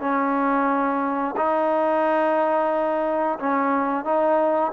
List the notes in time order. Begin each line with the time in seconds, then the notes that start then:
0.00 C#4
1.36 D#4
3.40 C#4
4.04 D#4